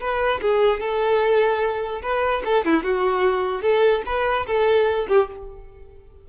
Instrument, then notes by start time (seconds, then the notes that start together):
violin
0.00 B4
0.41 G#4
0.80 A4
2.02 B4
2.45 A4
2.65 E4
2.83 F#4
3.62 A4
4.06 B4
4.47 A4
5.08 G4